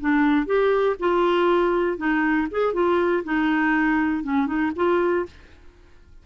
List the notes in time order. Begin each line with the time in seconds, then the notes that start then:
0.00 D4
0.46 G4
0.99 F4
1.97 D#4
2.51 G#4
2.73 F4
3.24 D#4
4.23 C#4
4.46 D#4
4.75 F4